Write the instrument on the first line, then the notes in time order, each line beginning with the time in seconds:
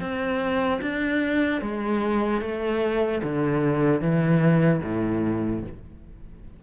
cello
0.00 C4
0.81 D4
1.61 G#3
2.41 A3
3.23 D3
4.01 E3
4.83 A2